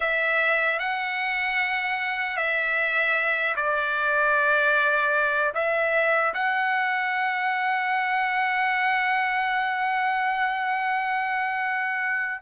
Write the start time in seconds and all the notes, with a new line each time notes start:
0.00 E5
0.79 F#5
2.36 E5
3.56 D5
5.54 E5
6.34 F#5